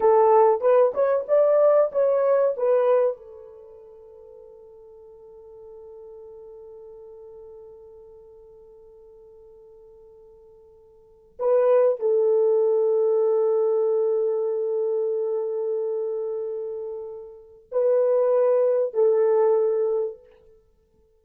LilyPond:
\new Staff \with { instrumentName = "horn" } { \time 4/4 \tempo 4 = 95 a'4 b'8 cis''8 d''4 cis''4 | b'4 a'2.~ | a'1~ | a'1~ |
a'2 b'4 a'4~ | a'1~ | a'1 | b'2 a'2 | }